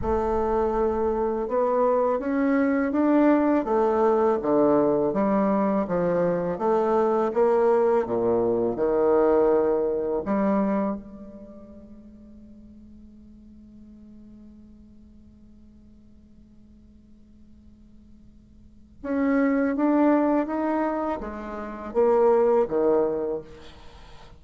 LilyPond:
\new Staff \with { instrumentName = "bassoon" } { \time 4/4 \tempo 4 = 82 a2 b4 cis'4 | d'4 a4 d4 g4 | f4 a4 ais4 ais,4 | dis2 g4 gis4~ |
gis1~ | gis1~ | gis2 cis'4 d'4 | dis'4 gis4 ais4 dis4 | }